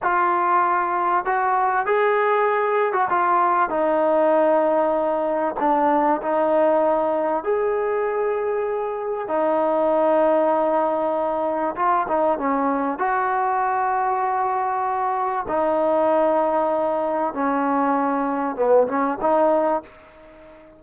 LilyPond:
\new Staff \with { instrumentName = "trombone" } { \time 4/4 \tempo 4 = 97 f'2 fis'4 gis'4~ | gis'8. fis'16 f'4 dis'2~ | dis'4 d'4 dis'2 | gis'2. dis'4~ |
dis'2. f'8 dis'8 | cis'4 fis'2.~ | fis'4 dis'2. | cis'2 b8 cis'8 dis'4 | }